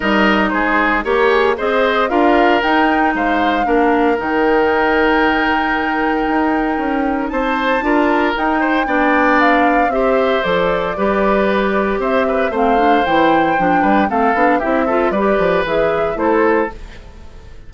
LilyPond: <<
  \new Staff \with { instrumentName = "flute" } { \time 4/4 \tempo 4 = 115 dis''4 c''4 ais'8 gis'8 dis''4 | f''4 g''4 f''2 | g''1~ | g''2 a''2 |
g''2 f''4 e''4 | d''2. e''4 | f''4 g''2 f''4 | e''4 d''4 e''4 c''4 | }
  \new Staff \with { instrumentName = "oboe" } { \time 4/4 ais'4 gis'4 cis''4 c''4 | ais'2 c''4 ais'4~ | ais'1~ | ais'2 c''4 ais'4~ |
ais'8 c''8 d''2 c''4~ | c''4 b'2 c''8 b'8 | c''2~ c''8 b'8 a'4 | g'8 a'8 b'2 a'4 | }
  \new Staff \with { instrumentName = "clarinet" } { \time 4/4 dis'2 g'4 gis'4 | f'4 dis'2 d'4 | dis'1~ | dis'2. f'4 |
dis'4 d'2 g'4 | a'4 g'2. | c'8 d'8 e'4 d'4 c'8 d'8 | e'8 f'8 g'4 gis'4 e'4 | }
  \new Staff \with { instrumentName = "bassoon" } { \time 4/4 g4 gis4 ais4 c'4 | d'4 dis'4 gis4 ais4 | dis1 | dis'4 cis'4 c'4 d'4 |
dis'4 b2 c'4 | f4 g2 c'4 | a4 e4 f8 g8 a8 b8 | c'4 g8 f8 e4 a4 | }
>>